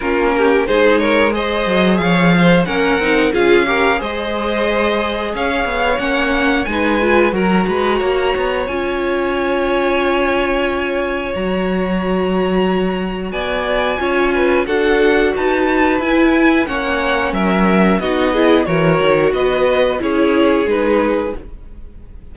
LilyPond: <<
  \new Staff \with { instrumentName = "violin" } { \time 4/4 \tempo 4 = 90 ais'4 c''8 cis''8 dis''4 f''4 | fis''4 f''4 dis''2 | f''4 fis''4 gis''4 ais''4~ | ais''4 gis''2.~ |
gis''4 ais''2. | gis''2 fis''4 a''4 | gis''4 fis''4 e''4 dis''4 | cis''4 dis''4 cis''4 b'4 | }
  \new Staff \with { instrumentName = "violin" } { \time 4/4 f'8 g'8 gis'8 ais'8 c''4 cis''8 c''8 | ais'4 gis'8 ais'8 c''2 | cis''2 b'4 ais'8 b'8 | cis''1~ |
cis''1 | d''4 cis''8 b'8 a'4 b'4~ | b'4 cis''4 ais'4 fis'8 gis'8 | ais'4 b'4 gis'2 | }
  \new Staff \with { instrumentName = "viola" } { \time 4/4 cis'4 dis'4 gis'2 | cis'8 dis'8 f'8 g'8 gis'2~ | gis'4 cis'4 dis'8 f'8 fis'4~ | fis'4 f'2.~ |
f'4 fis'2.~ | fis'4 f'4 fis'2 | e'4 cis'2 dis'8 e'8 | fis'2 e'4 dis'4 | }
  \new Staff \with { instrumentName = "cello" } { \time 4/4 ais4 gis4. fis8 f4 | ais8 c'8 cis'4 gis2 | cis'8 b8 ais4 gis4 fis8 gis8 | ais8 b8 cis'2.~ |
cis'4 fis2. | b4 cis'4 d'4 dis'4 | e'4 ais4 fis4 b4 | e8 dis8 b4 cis'4 gis4 | }
>>